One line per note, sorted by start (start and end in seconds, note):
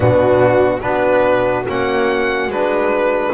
0.00 0.82 B2
0.00 0.81 B3
0.00 0.82 D4
0.00 0.80 F#4
0.80 1.65 B3
0.80 1.65 D4
0.80 3.33 F#4
0.80 1.63 B4
1.67 2.47 A#3
1.67 2.51 C#4
1.67 2.51 F#5
2.47 3.30 G#3
2.47 3.33 D4
2.47 3.33 B4